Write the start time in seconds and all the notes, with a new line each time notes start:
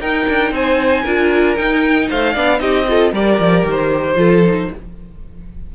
0.00 D#4 A#4 G5
0.29 D4
0.51 C4 C5 G#5
1.03 D4 F4 A#4
1.55 D#4 G5
2.09 A3 C5 F5
2.32 B3 D4 D5
2.58 C4 D#4 G4 D#5
2.88 F4 A4
3.12 G3 G4 A#4 D5
3.38 F3
3.65 D#3 C5
4.15 F3 F4 A4
4.46 D#4